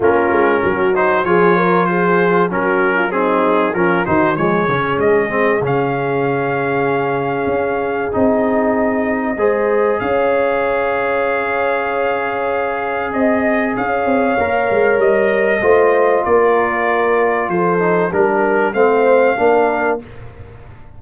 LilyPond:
<<
  \new Staff \with { instrumentName = "trumpet" } { \time 4/4 \tempo 4 = 96 ais'4. c''8 cis''4 c''4 | ais'4 gis'4 ais'8 c''8 cis''4 | dis''4 f''2.~ | f''4 dis''2. |
f''1~ | f''4 dis''4 f''2 | dis''2 d''2 | c''4 ais'4 f''2 | }
  \new Staff \with { instrumentName = "horn" } { \time 4/4 f'4 fis'4 gis'8 ais'8 gis'4 | fis'8. f'16 dis'4 f'8 fis'8 gis'4~ | gis'1~ | gis'2. c''4 |
cis''1~ | cis''4 dis''4 cis''2~ | cis''4 c''4 ais'2 | a'4 ais'4 c''4 ais'4 | }
  \new Staff \with { instrumentName = "trombone" } { \time 4/4 cis'4. dis'8 f'2 | cis'4 c'4 cis'8 dis'8 gis8 cis'8~ | cis'8 c'8 cis'2.~ | cis'4 dis'2 gis'4~ |
gis'1~ | gis'2. ais'4~ | ais'4 f'2.~ | f'8 dis'8 d'4 c'4 d'4 | }
  \new Staff \with { instrumentName = "tuba" } { \time 4/4 ais8 gis8 fis4 f2 | fis2 f8 dis8 f8 cis8 | gis4 cis2. | cis'4 c'2 gis4 |
cis'1~ | cis'4 c'4 cis'8 c'8 ais8 gis8 | g4 a4 ais2 | f4 g4 a4 ais4 | }
>>